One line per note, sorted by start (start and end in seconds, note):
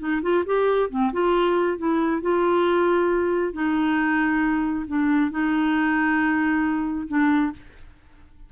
0.00 0.22 D#4
0.22 0.45 F4
0.46 0.90 G4
0.90 1.12 C4
1.13 1.78 F4
1.78 2.22 E4
2.22 3.53 F4
3.53 4.86 D#4
4.88 5.31 D4
5.31 7.08 D#4
7.08 7.53 D4